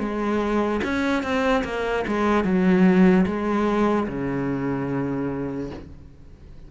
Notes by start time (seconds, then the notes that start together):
0.00 G#3
0.84 C#4
1.23 C4
1.65 A#3
2.08 G#3
2.45 F#3
3.27 G#3
4.08 C#3